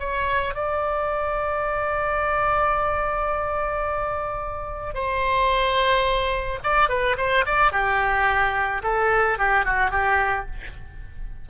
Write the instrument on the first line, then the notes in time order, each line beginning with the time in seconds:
oboe
0.00 C#5
0.55 D5
4.95 C5
6.64 D5
6.89 B4
7.18 C5
7.46 D5
7.72 G4
8.83 A4
9.39 G4
9.66 F#4
9.91 G4